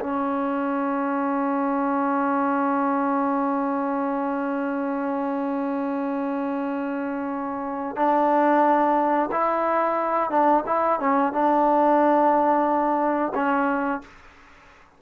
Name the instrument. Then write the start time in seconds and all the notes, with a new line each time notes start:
trombone
0.00 C#4
7.96 D4
9.31 E4
10.30 D4
10.66 E4
11.00 C#4
11.32 D4
13.35 C#4